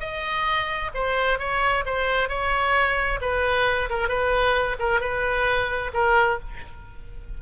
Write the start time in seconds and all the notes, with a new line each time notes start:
0.00 D#5
0.94 C5
1.39 C#5
1.86 C5
2.29 C#5
3.21 B4
3.89 A#4
4.08 B4
4.79 A#4
5.00 B4
5.93 A#4